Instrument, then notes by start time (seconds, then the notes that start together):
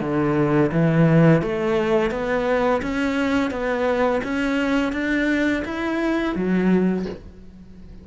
cello
0.00 D3
0.72 E3
1.41 A3
2.11 B3
2.81 C#4
3.50 B3
4.23 C#4
4.92 D4
5.64 E4
6.35 F#3